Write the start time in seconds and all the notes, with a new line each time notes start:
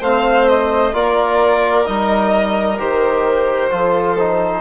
0.00 A3 C4 C5 F5
0.48 D#5
0.93 A#3 F4 A#4 D5
1.85 G3 D#4 D#5
2.79 D#3 G4 C5
3.71 F3 F4 A4
4.19 D#4